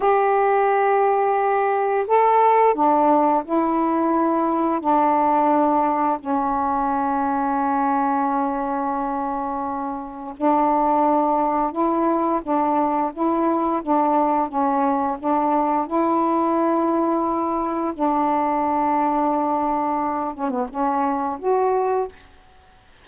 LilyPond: \new Staff \with { instrumentName = "saxophone" } { \time 4/4 \tempo 4 = 87 g'2. a'4 | d'4 e'2 d'4~ | d'4 cis'2.~ | cis'2. d'4~ |
d'4 e'4 d'4 e'4 | d'4 cis'4 d'4 e'4~ | e'2 d'2~ | d'4. cis'16 b16 cis'4 fis'4 | }